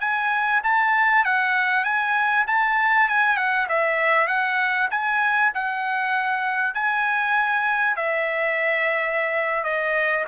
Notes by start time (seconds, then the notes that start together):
0.00 G#5
0.63 A5
1.24 F#5
1.84 G#5
2.47 A5
3.08 G#5
3.36 F#5
3.68 E5
4.27 F#5
4.90 G#5
5.54 F#5
6.74 G#5
7.96 E5
9.63 D#5